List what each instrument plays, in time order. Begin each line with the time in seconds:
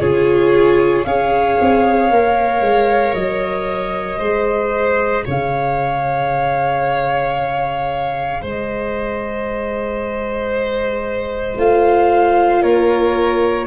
0.00 tuba C#3, viola F4, violin G#4, flute C#5
1.05 tuba C#4, viola G#4, violin C#5, flute F5
1.61 tuba C4
2.10 tuba A#3, viola A#4
2.61 tuba G#3
3.14 tuba F#3, flute D#5
4.19 tuba G#3, viola G#4, violin C5
5.25 tuba C#3, violin C#5, flute F5
8.42 tuba G#3, violin C5, flute D#5
11.57 tuba A3, viola F4, flute F5
12.62 tuba A#3, violin A#4, flute C#5